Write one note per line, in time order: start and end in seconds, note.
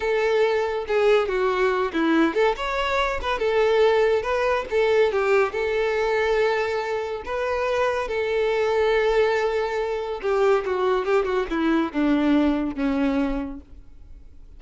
0.00 0.85 A4
0.87 1.28 G#4
1.28 1.92 F#4
1.93 2.34 E4
2.34 2.55 A4
2.56 3.20 C#5
3.21 3.38 B4
3.38 4.22 A4
4.22 4.65 B4
4.70 5.12 A4
5.12 5.52 G4
5.52 7.22 A4
7.25 8.08 B4
8.08 10.20 A4
10.21 10.64 G4
10.65 11.05 F#4
11.05 11.25 G4
11.25 11.46 F#4
11.50 11.92 E4
11.92 12.75 D4
12.75 13.60 C#4